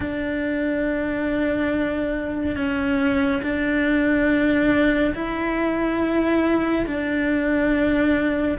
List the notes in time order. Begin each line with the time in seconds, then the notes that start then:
0.00 D4
2.56 C#4
3.42 D4
5.14 E4
6.86 D4